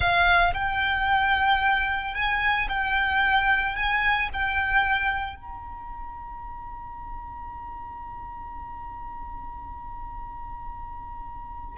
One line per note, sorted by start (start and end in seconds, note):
0.00 0.53 F5
0.53 2.14 G5
2.14 2.68 G#5
2.68 3.75 G5
3.75 4.29 G#5
4.33 5.35 G5
5.35 11.78 A#5